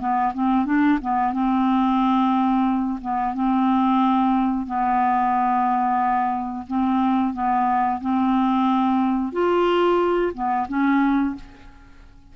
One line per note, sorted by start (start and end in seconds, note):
0.00 0.33 B3
0.35 0.66 C4
0.66 0.99 D4
1.02 1.33 B3
1.33 3.00 C4
3.02 3.35 B3
3.35 4.67 C4
4.67 6.67 B3
6.68 7.34 C4
7.34 8.01 B3
8.01 9.33 C4
9.33 10.33 F4
10.34 10.68 B3
10.69 11.36 C#4